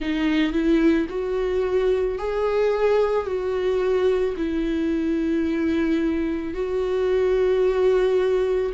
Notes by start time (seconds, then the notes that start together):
0.00 D#4
0.52 E4
1.09 F#4
2.18 G#4
3.26 F#4
4.36 E4
6.54 F#4